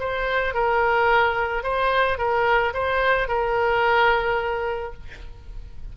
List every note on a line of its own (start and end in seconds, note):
0.00 0.54 C5
0.54 1.64 A#4
1.64 2.18 C5
2.18 2.73 A#4
2.74 3.28 C5
3.28 4.93 A#4